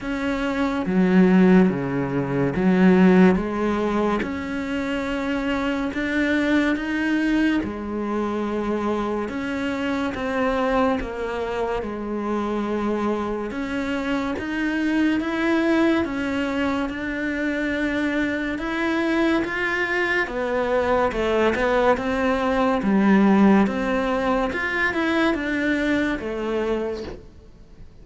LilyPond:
\new Staff \with { instrumentName = "cello" } { \time 4/4 \tempo 4 = 71 cis'4 fis4 cis4 fis4 | gis4 cis'2 d'4 | dis'4 gis2 cis'4 | c'4 ais4 gis2 |
cis'4 dis'4 e'4 cis'4 | d'2 e'4 f'4 | b4 a8 b8 c'4 g4 | c'4 f'8 e'8 d'4 a4 | }